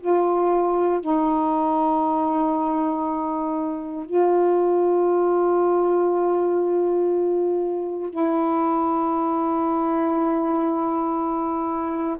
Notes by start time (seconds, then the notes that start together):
0.00 F4
1.01 D#4
4.05 F4
8.10 E4